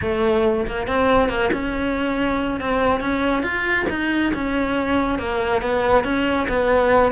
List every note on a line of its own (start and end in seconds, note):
0.01 0.66 A3
0.67 0.87 A#3
0.87 1.28 C4
1.28 1.50 A#3
1.52 2.60 C#4
2.60 3.00 C4
3.00 3.43 C#4
3.43 3.86 F4
3.89 4.32 D#4
4.34 5.18 C#4
5.18 5.61 A#3
5.61 6.04 B3
6.04 6.47 C#4
6.48 7.12 B3